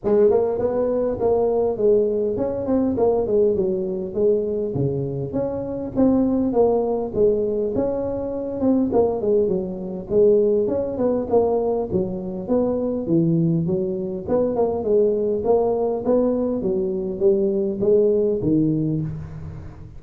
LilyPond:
\new Staff \with { instrumentName = "tuba" } { \time 4/4 \tempo 4 = 101 gis8 ais8 b4 ais4 gis4 | cis'8 c'8 ais8 gis8 fis4 gis4 | cis4 cis'4 c'4 ais4 | gis4 cis'4. c'8 ais8 gis8 |
fis4 gis4 cis'8 b8 ais4 | fis4 b4 e4 fis4 | b8 ais8 gis4 ais4 b4 | fis4 g4 gis4 dis4 | }